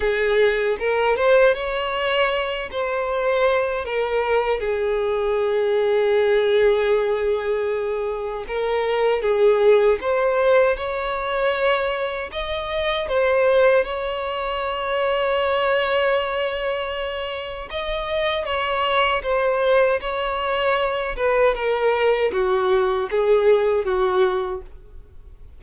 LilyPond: \new Staff \with { instrumentName = "violin" } { \time 4/4 \tempo 4 = 78 gis'4 ais'8 c''8 cis''4. c''8~ | c''4 ais'4 gis'2~ | gis'2. ais'4 | gis'4 c''4 cis''2 |
dis''4 c''4 cis''2~ | cis''2. dis''4 | cis''4 c''4 cis''4. b'8 | ais'4 fis'4 gis'4 fis'4 | }